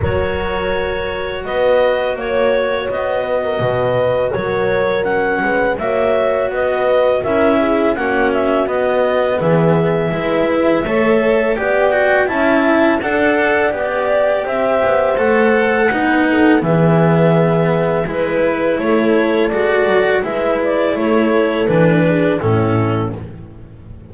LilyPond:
<<
  \new Staff \with { instrumentName = "clarinet" } { \time 4/4 \tempo 4 = 83 cis''2 dis''4 cis''4 | dis''2 cis''4 fis''4 | e''4 dis''4 e''4 fis''8 e''8 | dis''4 e''2. |
g''4 a''4 fis''4 d''4 | e''4 fis''2 e''4~ | e''4 b'4 cis''4 d''4 | e''8 d''8 cis''4 b'4 a'4 | }
  \new Staff \with { instrumentName = "horn" } { \time 4/4 ais'2 b'4 cis''4~ | cis''8 b'16 ais'16 b'4 ais'4. b'8 | cis''4 b'4 ais'8 gis'8 fis'4~ | fis'4 gis'4 b'4 cis''4 |
d''4 e''4 d''2 | c''2 b'8 a'8 gis'4~ | gis'4 b'4 a'2 | b'4 a'4. gis'8 e'4 | }
  \new Staff \with { instrumentName = "cello" } { \time 4/4 fis'1~ | fis'2. cis'4 | fis'2 e'4 cis'4 | b2 e'4 a'4 |
g'8 fis'8 e'4 a'4 g'4~ | g'4 a'4 dis'4 b4~ | b4 e'2 fis'4 | e'2 d'4 cis'4 | }
  \new Staff \with { instrumentName = "double bass" } { \time 4/4 fis2 b4 ais4 | b4 b,4 fis4. gis8 | ais4 b4 cis'4 ais4 | b4 e4 gis4 a4 |
b4 cis'4 d'4 b4 | c'8 b8 a4 b4 e4~ | e4 gis4 a4 gis8 fis8 | gis4 a4 e4 a,4 | }
>>